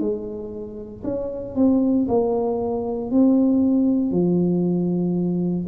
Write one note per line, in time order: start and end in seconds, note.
0.00 1.03 G#3
1.04 1.56 C#4
1.56 2.07 C4
2.08 3.11 A#3
3.11 4.11 C4
4.11 5.67 F3